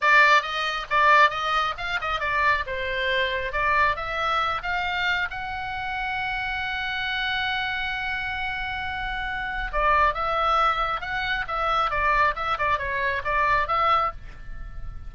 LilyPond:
\new Staff \with { instrumentName = "oboe" } { \time 4/4 \tempo 4 = 136 d''4 dis''4 d''4 dis''4 | f''8 dis''8 d''4 c''2 | d''4 e''4. f''4. | fis''1~ |
fis''1~ | fis''2 d''4 e''4~ | e''4 fis''4 e''4 d''4 | e''8 d''8 cis''4 d''4 e''4 | }